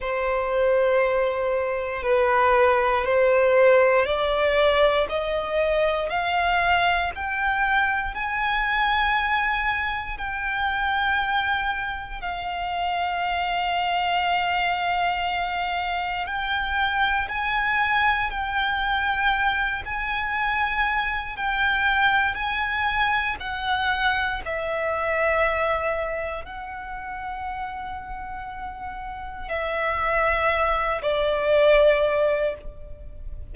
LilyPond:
\new Staff \with { instrumentName = "violin" } { \time 4/4 \tempo 4 = 59 c''2 b'4 c''4 | d''4 dis''4 f''4 g''4 | gis''2 g''2 | f''1 |
g''4 gis''4 g''4. gis''8~ | gis''4 g''4 gis''4 fis''4 | e''2 fis''2~ | fis''4 e''4. d''4. | }